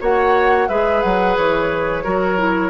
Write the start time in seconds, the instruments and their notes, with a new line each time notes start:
0.00 bassoon A#3, clarinet F#4, oboe C#5, flute F#5
0.69 bassoon G#3, clarinet G#4, oboe B4, flute E5
1.02 bassoon F#3, flute F#5
1.37 bassoon E3, flute C#5
2.04 bassoon F#3, clarinet F#4, oboe A#4
2.38 clarinet E4